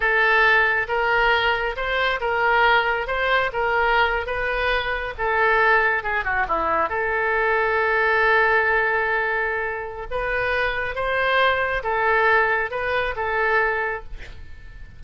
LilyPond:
\new Staff \with { instrumentName = "oboe" } { \time 4/4 \tempo 4 = 137 a'2 ais'2 | c''4 ais'2 c''4 | ais'4.~ ais'16 b'2 a'16~ | a'4.~ a'16 gis'8 fis'8 e'4 a'16~ |
a'1~ | a'2. b'4~ | b'4 c''2 a'4~ | a'4 b'4 a'2 | }